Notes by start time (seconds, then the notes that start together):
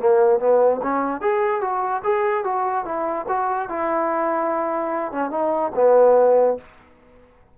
0.00 A#3
0.40 B3
0.83 C#4
1.22 G#4
1.61 F#4
2.04 G#4
2.45 F#4
2.85 E4
3.29 F#4
3.69 E4
5.12 C#4
5.31 D#4
5.76 B3